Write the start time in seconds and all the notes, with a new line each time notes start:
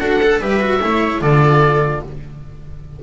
0.00 D4 F#4 A4 F#5
0.23 A4
0.40 G3 G4 B4 E5
0.61 F#4
0.82 A3 E4 C#5
1.21 D3 F4 A4 D5